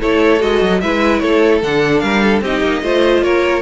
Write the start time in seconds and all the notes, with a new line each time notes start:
0.00 A3 E4 A4 C#5
0.39 G#3 F#4 D#5
0.61 F#3
0.80 G#3 E4 B4 E5
1.19 A3 A4 C#5
1.62 D3 D4 F#5
1.99 G3 A#4 F5
2.22 A4
2.41 C4 D#4 G4 D#5
2.62 A#3
2.82 A3 F4 C5
3.22 A#3 A#4 C#5